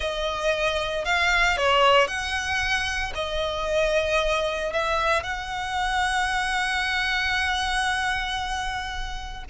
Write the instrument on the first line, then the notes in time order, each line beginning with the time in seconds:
violin
0.00 D#5
1.04 F5
1.57 C#5
2.07 F#5
3.15 D#5
4.72 E5
5.23 F#5